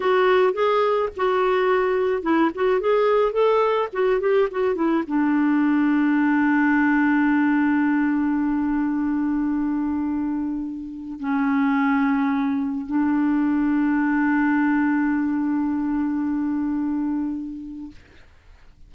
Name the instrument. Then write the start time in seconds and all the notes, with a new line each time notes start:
clarinet
0.00 F#4
0.53 G#4
1.16 F#4
2.22 E4
2.54 F#4
2.80 G#4
3.32 A4
3.92 F#4
4.20 G4
4.51 F#4
4.75 E4
5.07 D4
11.19 C#4
12.86 D4